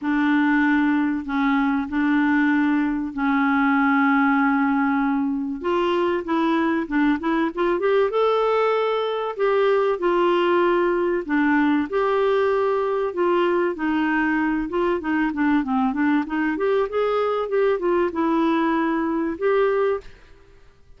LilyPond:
\new Staff \with { instrumentName = "clarinet" } { \time 4/4 \tempo 4 = 96 d'2 cis'4 d'4~ | d'4 cis'2.~ | cis'4 f'4 e'4 d'8 e'8 | f'8 g'8 a'2 g'4 |
f'2 d'4 g'4~ | g'4 f'4 dis'4. f'8 | dis'8 d'8 c'8 d'8 dis'8 g'8 gis'4 | g'8 f'8 e'2 g'4 | }